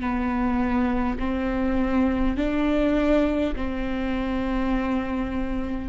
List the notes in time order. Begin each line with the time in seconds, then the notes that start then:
0.00 B3
1.19 C4
2.37 D4
3.56 C4